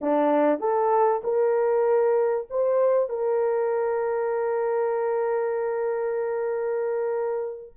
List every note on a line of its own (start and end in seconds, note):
0.01 0.59 D4
0.59 1.21 A4
1.23 2.47 A#4
2.50 3.09 C5
3.09 7.73 A#4